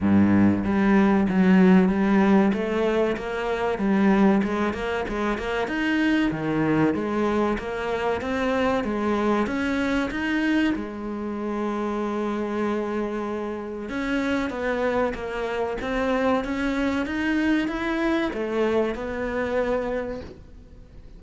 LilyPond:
\new Staff \with { instrumentName = "cello" } { \time 4/4 \tempo 4 = 95 g,4 g4 fis4 g4 | a4 ais4 g4 gis8 ais8 | gis8 ais8 dis'4 dis4 gis4 | ais4 c'4 gis4 cis'4 |
dis'4 gis2.~ | gis2 cis'4 b4 | ais4 c'4 cis'4 dis'4 | e'4 a4 b2 | }